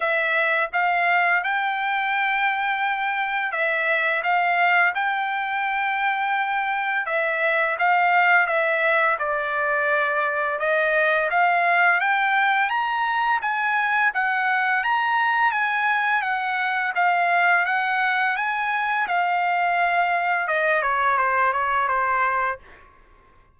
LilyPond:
\new Staff \with { instrumentName = "trumpet" } { \time 4/4 \tempo 4 = 85 e''4 f''4 g''2~ | g''4 e''4 f''4 g''4~ | g''2 e''4 f''4 | e''4 d''2 dis''4 |
f''4 g''4 ais''4 gis''4 | fis''4 ais''4 gis''4 fis''4 | f''4 fis''4 gis''4 f''4~ | f''4 dis''8 cis''8 c''8 cis''8 c''4 | }